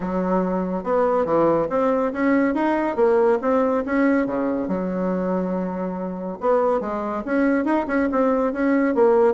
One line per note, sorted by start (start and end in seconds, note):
0.00 0.83 F#3
0.83 1.25 B3
1.25 1.67 E3
1.69 2.12 C4
2.13 2.54 C#4
2.54 2.96 D#4
2.96 3.38 A#3
3.41 3.84 C4
3.85 4.26 C#4
4.26 4.68 C#3
4.68 6.38 F#3
6.40 6.80 B3
6.80 7.23 G#3
7.25 7.64 C#4
7.64 7.85 D#4
7.87 8.08 C#4
8.11 8.52 C4
8.52 8.94 C#4
8.94 9.34 A#3